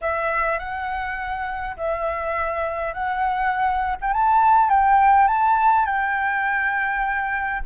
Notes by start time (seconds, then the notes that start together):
0.01 E5
0.58 F#5
1.76 E5
2.93 F#5
4.01 G5
4.13 A5
4.69 G5
5.27 A5
5.85 G5